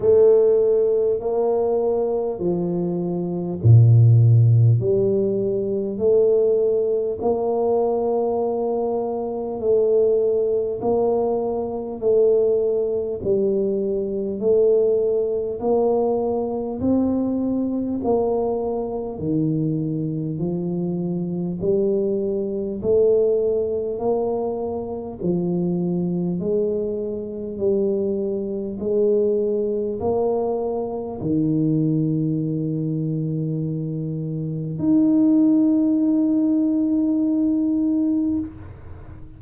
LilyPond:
\new Staff \with { instrumentName = "tuba" } { \time 4/4 \tempo 4 = 50 a4 ais4 f4 ais,4 | g4 a4 ais2 | a4 ais4 a4 g4 | a4 ais4 c'4 ais4 |
dis4 f4 g4 a4 | ais4 f4 gis4 g4 | gis4 ais4 dis2~ | dis4 dis'2. | }